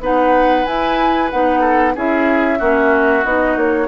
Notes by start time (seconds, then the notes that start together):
0.00 B3 D#4 B4 F#5
0.65 E4 G#5
1.30 B3 D#4 F#5
1.60 A4
1.95 C#4 E4 G#4 E5
2.58 A#3 C#4 F#4
3.24 B3 D#4 D#5
3.55 A#3 C#5